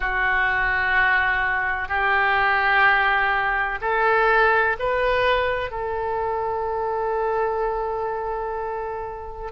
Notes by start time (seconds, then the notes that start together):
0.00 F#4
1.88 G4
3.81 A4
4.79 B4
5.70 A4